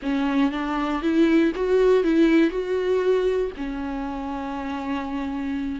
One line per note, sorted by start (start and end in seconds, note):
0.02 0.51 C#4
0.51 1.02 D4
1.02 1.52 E4
1.55 2.03 F#4
2.03 2.50 E4
2.50 3.51 F#4
3.56 5.80 C#4